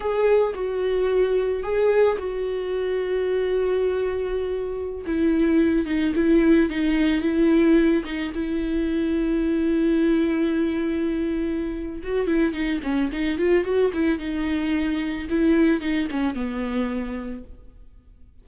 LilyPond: \new Staff \with { instrumentName = "viola" } { \time 4/4 \tempo 4 = 110 gis'4 fis'2 gis'4 | fis'1~ | fis'4~ fis'16 e'4. dis'8 e'8.~ | e'16 dis'4 e'4. dis'8 e'8.~ |
e'1~ | e'2 fis'8 e'8 dis'8 cis'8 | dis'8 f'8 fis'8 e'8 dis'2 | e'4 dis'8 cis'8 b2 | }